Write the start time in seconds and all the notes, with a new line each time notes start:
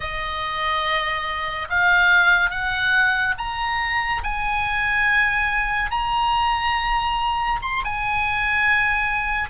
0.00 D#5
1.69 F5
2.50 F#5
3.38 A#5
4.23 G#5
5.90 A#5
7.61 C6
7.84 G#5